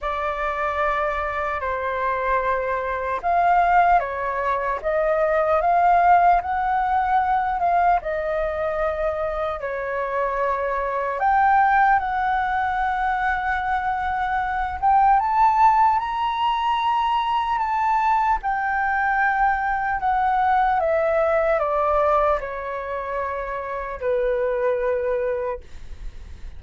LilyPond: \new Staff \with { instrumentName = "flute" } { \time 4/4 \tempo 4 = 75 d''2 c''2 | f''4 cis''4 dis''4 f''4 | fis''4. f''8 dis''2 | cis''2 g''4 fis''4~ |
fis''2~ fis''8 g''8 a''4 | ais''2 a''4 g''4~ | g''4 fis''4 e''4 d''4 | cis''2 b'2 | }